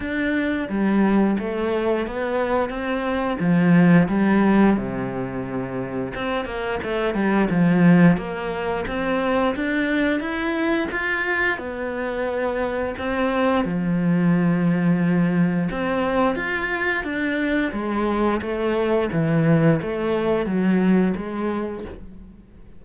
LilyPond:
\new Staff \with { instrumentName = "cello" } { \time 4/4 \tempo 4 = 88 d'4 g4 a4 b4 | c'4 f4 g4 c4~ | c4 c'8 ais8 a8 g8 f4 | ais4 c'4 d'4 e'4 |
f'4 b2 c'4 | f2. c'4 | f'4 d'4 gis4 a4 | e4 a4 fis4 gis4 | }